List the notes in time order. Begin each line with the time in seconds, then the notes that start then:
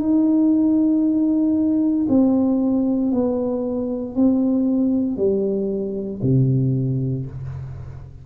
0.00 D#4
2.09 C4
3.12 B3
4.16 C4
5.17 G3
6.23 C3